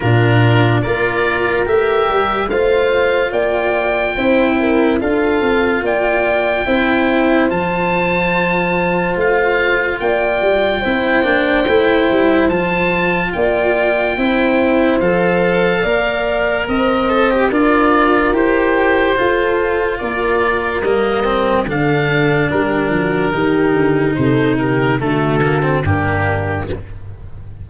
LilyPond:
<<
  \new Staff \with { instrumentName = "oboe" } { \time 4/4 \tempo 4 = 72 ais'4 d''4 e''4 f''4 | g''2 f''4 g''4~ | g''4 a''2 f''4 | g''2. a''4 |
g''2 f''2 | dis''4 d''4 c''2 | d''4 dis''4 f''4 ais'4~ | ais'4 c''8 ais'8 a'4 g'4 | }
  \new Staff \with { instrumentName = "horn" } { \time 4/4 f'4 ais'2 c''4 | d''4 c''8 ais'8 a'4 d''4 | c''1 | d''4 c''2. |
d''4 c''2 d''4 | c''4 ais'2 a'4 | ais'2 a'4 g'8 fis'8 | g'4 a'8 g'8 fis'4 d'4 | }
  \new Staff \with { instrumentName = "cello" } { \time 4/4 d'4 f'4 g'4 f'4~ | f'4 e'4 f'2 | e'4 f'2.~ | f'4 e'8 d'8 e'4 f'4~ |
f'4 e'4 a'4 ais'4~ | ais'8 a'16 g'16 f'4 g'4 f'4~ | f'4 ais8 c'8 d'2 | dis'2 a8 ais16 c'16 ais4 | }
  \new Staff \with { instrumentName = "tuba" } { \time 4/4 ais,4 ais4 a8 g8 a4 | ais4 c'4 d'8 c'8 ais4 | c'4 f2 a4 | ais8 g8 c'8 ais8 a8 g8 f4 |
ais4 c'4 f4 ais4 | c'4 d'4 e'4 f'4 | ais4 g4 d4 g8 f8 | dis8 d8 c4 d4 g,4 | }
>>